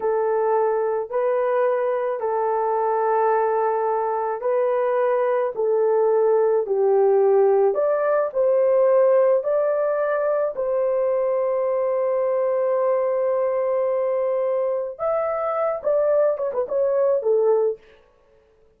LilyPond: \new Staff \with { instrumentName = "horn" } { \time 4/4 \tempo 4 = 108 a'2 b'2 | a'1 | b'2 a'2 | g'2 d''4 c''4~ |
c''4 d''2 c''4~ | c''1~ | c''2. e''4~ | e''8 d''4 cis''16 b'16 cis''4 a'4 | }